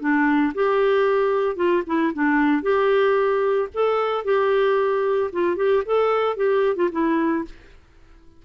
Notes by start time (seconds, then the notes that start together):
0.00 D4
0.55 G4
1.56 F4
1.87 E4
2.14 D4
2.62 G4
3.74 A4
4.25 G4
5.33 F4
5.57 G4
5.86 A4
6.37 G4
6.76 F4
6.92 E4